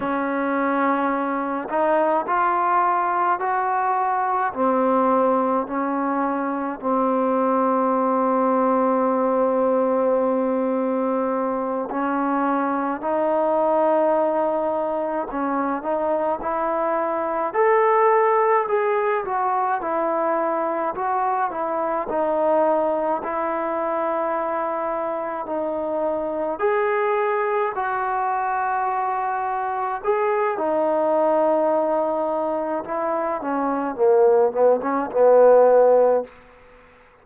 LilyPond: \new Staff \with { instrumentName = "trombone" } { \time 4/4 \tempo 4 = 53 cis'4. dis'8 f'4 fis'4 | c'4 cis'4 c'2~ | c'2~ c'8 cis'4 dis'8~ | dis'4. cis'8 dis'8 e'4 a'8~ |
a'8 gis'8 fis'8 e'4 fis'8 e'8 dis'8~ | dis'8 e'2 dis'4 gis'8~ | gis'8 fis'2 gis'8 dis'4~ | dis'4 e'8 cis'8 ais8 b16 cis'16 b4 | }